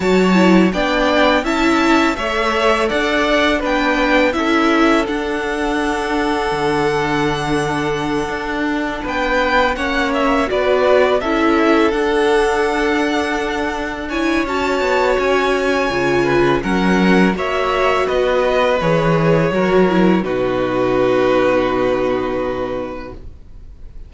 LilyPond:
<<
  \new Staff \with { instrumentName = "violin" } { \time 4/4 \tempo 4 = 83 a''4 g''4 a''4 e''4 | fis''4 g''4 e''4 fis''4~ | fis''1~ | fis''8 g''4 fis''8 e''8 d''4 e''8~ |
e''8 fis''2. gis''8 | a''4 gis''2 fis''4 | e''4 dis''4 cis''2 | b'1 | }
  \new Staff \with { instrumentName = "violin" } { \time 4/4 cis''4 d''4 e''4 cis''4 | d''4 b'4 a'2~ | a'1~ | a'8 b'4 cis''4 b'4 a'8~ |
a'2.~ a'8 cis''8~ | cis''2~ cis''8 b'8 ais'4 | cis''4 b'2 ais'4 | fis'1 | }
  \new Staff \with { instrumentName = "viola" } { \time 4/4 fis'8 e'8 d'4 e'4 a'4~ | a'4 d'4 e'4 d'4~ | d'1~ | d'4. cis'4 fis'4 e'8~ |
e'8 d'2. e'8 | fis'2 f'4 cis'4 | fis'2 gis'4 fis'8 e'8 | dis'1 | }
  \new Staff \with { instrumentName = "cello" } { \time 4/4 fis4 b4 cis'4 a4 | d'4 b4 cis'4 d'4~ | d'4 d2~ d8 d'8~ | d'8 b4 ais4 b4 cis'8~ |
cis'8 d'2.~ d'8 | cis'8 b8 cis'4 cis4 fis4 | ais4 b4 e4 fis4 | b,1 | }
>>